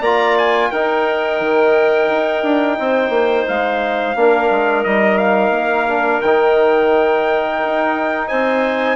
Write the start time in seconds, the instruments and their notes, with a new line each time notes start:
0.00 bassoon A#3, trombone F4, clarinet D5, trumpet A#5
0.38 trumpet G#5
0.71 bassoon D#4, trombone D#4, clarinet A#4, trumpet G5
1.41 bassoon D#3
2.09 bassoon D#4
2.43 bassoon D4
2.79 bassoon C4, clarinet C5
3.09 bassoon A#3
3.48 bassoon G#3, trumpet F5
4.15 bassoon A#3, trombone D4, clarinet A#4
4.50 bassoon G#3
4.84 bassoon G3, trombone D#4, trumpet D#5
5.17 trumpet F5
5.50 bassoon A#3
5.87 trombone D4
6.21 bassoon D#3, trombone D#4, trumpet G5
7.64 bassoon D#4
8.28 bassoon C4, clarinet C5, trumpet G#5